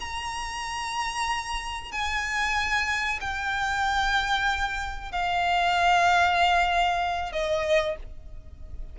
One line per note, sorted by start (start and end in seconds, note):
0.00 1.91 A#5
1.91 3.19 G#5
3.20 5.12 G5
5.12 7.32 F5
7.32 7.96 D#5